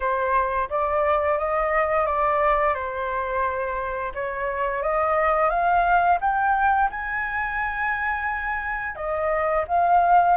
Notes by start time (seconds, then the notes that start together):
0.00 C5
0.69 D5
1.38 D#5
2.06 D5
2.74 C5
4.14 C#5
4.82 D#5
5.49 F5
6.21 G5
6.90 G#5
8.95 D#5
9.67 F5